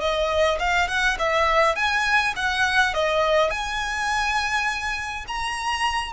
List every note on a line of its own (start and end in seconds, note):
0.00 0.58 D#5
0.59 0.88 F5
0.88 1.17 F#5
1.18 1.75 E5
1.75 2.34 G#5
2.36 2.94 F#5
2.94 3.50 D#5
3.50 5.25 G#5
5.27 6.13 A#5